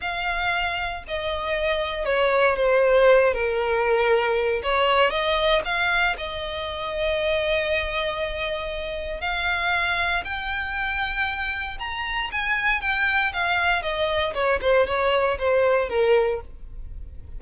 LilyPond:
\new Staff \with { instrumentName = "violin" } { \time 4/4 \tempo 4 = 117 f''2 dis''2 | cis''4 c''4. ais'4.~ | ais'4 cis''4 dis''4 f''4 | dis''1~ |
dis''2 f''2 | g''2. ais''4 | gis''4 g''4 f''4 dis''4 | cis''8 c''8 cis''4 c''4 ais'4 | }